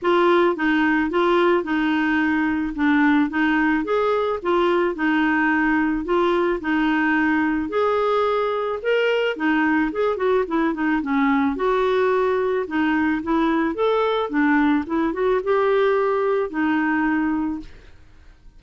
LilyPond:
\new Staff \with { instrumentName = "clarinet" } { \time 4/4 \tempo 4 = 109 f'4 dis'4 f'4 dis'4~ | dis'4 d'4 dis'4 gis'4 | f'4 dis'2 f'4 | dis'2 gis'2 |
ais'4 dis'4 gis'8 fis'8 e'8 dis'8 | cis'4 fis'2 dis'4 | e'4 a'4 d'4 e'8 fis'8 | g'2 dis'2 | }